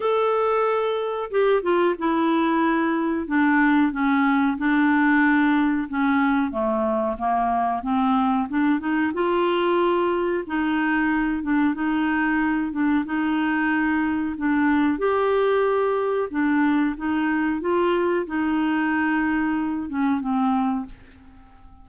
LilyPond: \new Staff \with { instrumentName = "clarinet" } { \time 4/4 \tempo 4 = 92 a'2 g'8 f'8 e'4~ | e'4 d'4 cis'4 d'4~ | d'4 cis'4 a4 ais4 | c'4 d'8 dis'8 f'2 |
dis'4. d'8 dis'4. d'8 | dis'2 d'4 g'4~ | g'4 d'4 dis'4 f'4 | dis'2~ dis'8 cis'8 c'4 | }